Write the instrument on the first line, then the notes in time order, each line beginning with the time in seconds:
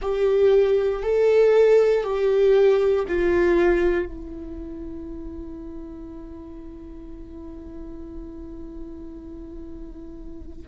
viola
0.01 G4
1.03 A4
2.03 G4
3.07 F4
4.05 E4